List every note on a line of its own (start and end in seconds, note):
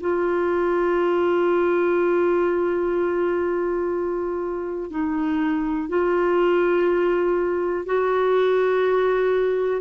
0.00 4.90 F4
4.90 5.89 D#4
5.89 7.86 F4
7.86 9.81 F#4